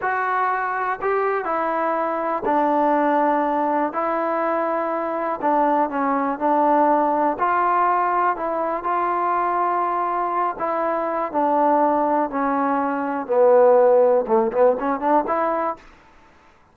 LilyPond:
\new Staff \with { instrumentName = "trombone" } { \time 4/4 \tempo 4 = 122 fis'2 g'4 e'4~ | e'4 d'2. | e'2. d'4 | cis'4 d'2 f'4~ |
f'4 e'4 f'2~ | f'4. e'4. d'4~ | d'4 cis'2 b4~ | b4 a8 b8 cis'8 d'8 e'4 | }